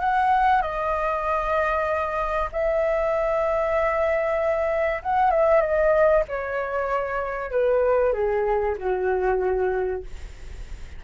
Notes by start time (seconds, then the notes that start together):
0.00 F#5
0.62 D#5
2.53 E5
5.03 F#5
5.31 E5
5.61 D#5
6.29 C#5
7.51 B4
8.13 G#4
8.78 F#4